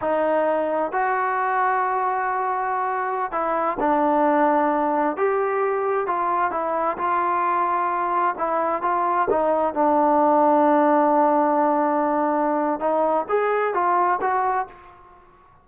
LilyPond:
\new Staff \with { instrumentName = "trombone" } { \time 4/4 \tempo 4 = 131 dis'2 fis'2~ | fis'2.~ fis'16 e'8.~ | e'16 d'2. g'8.~ | g'4~ g'16 f'4 e'4 f'8.~ |
f'2~ f'16 e'4 f'8.~ | f'16 dis'4 d'2~ d'8.~ | d'1 | dis'4 gis'4 f'4 fis'4 | }